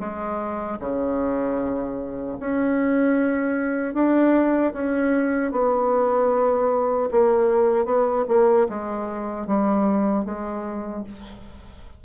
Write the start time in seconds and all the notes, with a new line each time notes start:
0.00 G#3
0.80 C#3
2.40 C#4
3.95 D4
4.74 C#4
5.52 B3
7.12 A#3
7.86 B3
8.29 A#3
8.69 G#3
9.47 G3
10.25 G#3